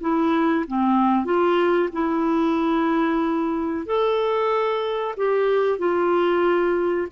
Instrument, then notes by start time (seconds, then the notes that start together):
clarinet
0.00 E4
0.67 C4
1.24 F4
1.92 E4
3.85 A4
5.16 G4
5.78 F4